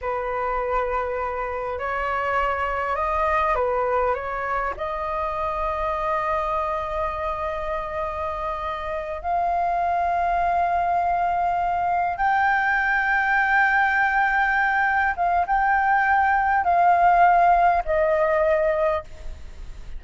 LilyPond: \new Staff \with { instrumentName = "flute" } { \time 4/4 \tempo 4 = 101 b'2. cis''4~ | cis''4 dis''4 b'4 cis''4 | dis''1~ | dis''2.~ dis''8 f''8~ |
f''1~ | f''8 g''2.~ g''8~ | g''4. f''8 g''2 | f''2 dis''2 | }